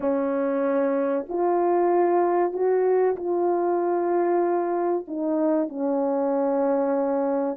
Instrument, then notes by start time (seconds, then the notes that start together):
horn
0.00 C#4
1.28 F4
2.52 F#4
3.16 F4
5.07 D#4
5.68 C#4